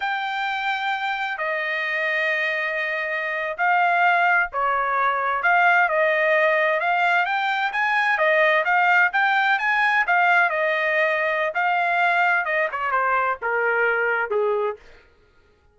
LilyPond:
\new Staff \with { instrumentName = "trumpet" } { \time 4/4 \tempo 4 = 130 g''2. dis''4~ | dis''2.~ dis''8. f''16~ | f''4.~ f''16 cis''2 f''16~ | f''8. dis''2 f''4 g''16~ |
g''8. gis''4 dis''4 f''4 g''16~ | g''8. gis''4 f''4 dis''4~ dis''16~ | dis''4 f''2 dis''8 cis''8 | c''4 ais'2 gis'4 | }